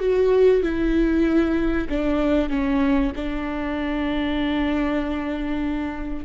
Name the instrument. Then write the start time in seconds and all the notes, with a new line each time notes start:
viola
0.00 F#4
0.62 E4
1.89 D4
2.49 C#4
3.15 D4